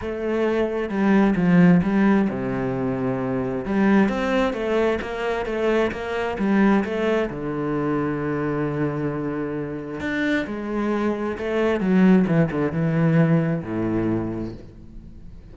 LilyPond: \new Staff \with { instrumentName = "cello" } { \time 4/4 \tempo 4 = 132 a2 g4 f4 | g4 c2. | g4 c'4 a4 ais4 | a4 ais4 g4 a4 |
d1~ | d2 d'4 gis4~ | gis4 a4 fis4 e8 d8 | e2 a,2 | }